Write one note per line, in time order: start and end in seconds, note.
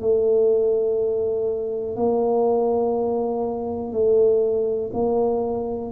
0.00 1.95 A3
1.95 3.92 A#3
3.92 4.90 A3
4.93 5.91 A#3